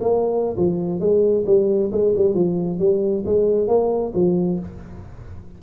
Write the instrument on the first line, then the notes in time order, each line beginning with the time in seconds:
tuba
0.00 A#3
0.56 F3
1.00 G#3
1.46 G3
1.92 G#3
2.16 G3
2.34 F3
2.79 G3
3.25 G#3
3.67 A#3
4.14 F3